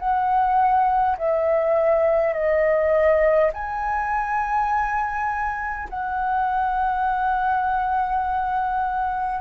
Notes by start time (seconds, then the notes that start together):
0.00 F#5
1.18 E5
2.34 D#5
3.54 G#5
5.90 F#5